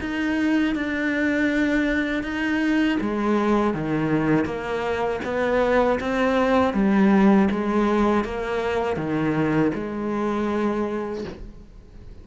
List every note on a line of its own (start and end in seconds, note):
0.00 0.75 D#4
0.75 2.23 D4
2.23 2.98 D#4
3.00 3.74 G#3
3.74 4.45 D#3
4.45 5.20 A#3
5.24 5.99 B3
5.99 6.73 C4
6.73 7.48 G3
7.50 8.24 G#3
8.24 8.96 A#3
8.96 9.71 D#3
9.74 11.24 G#3